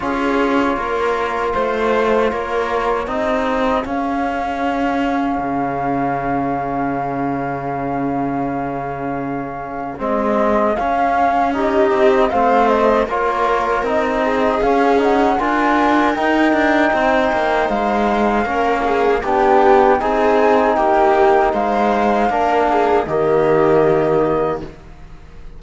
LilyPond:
<<
  \new Staff \with { instrumentName = "flute" } { \time 4/4 \tempo 4 = 78 cis''2 c''4 cis''4 | dis''4 f''2.~ | f''1~ | f''4 dis''4 f''4 dis''4 |
f''8 dis''8 cis''4 dis''4 f''8 fis''8 | gis''4 g''2 f''4~ | f''4 g''4 gis''4 g''4 | f''2 dis''2 | }
  \new Staff \with { instrumentName = "viola" } { \time 4/4 gis'4 ais'4 c''4 ais'4 | gis'1~ | gis'1~ | gis'2. g'4 |
c''4 ais'4. gis'4. | ais'2 c''2 | ais'8 gis'8 g'4 gis'4 g'4 | c''4 ais'8 gis'8 g'2 | }
  \new Staff \with { instrumentName = "trombone" } { \time 4/4 f'1 | dis'4 cis'2.~ | cis'1~ | cis'4 c'4 cis'4 dis'4 |
c'4 f'4 dis'4 cis'8 dis'8 | f'4 dis'2. | cis'4 d'4 dis'2~ | dis'4 d'4 ais2 | }
  \new Staff \with { instrumentName = "cello" } { \time 4/4 cis'4 ais4 a4 ais4 | c'4 cis'2 cis4~ | cis1~ | cis4 gis4 cis'4. c'8 |
a4 ais4 c'4 cis'4 | d'4 dis'8 d'8 c'8 ais8 gis4 | ais4 b4 c'4 ais4 | gis4 ais4 dis2 | }
>>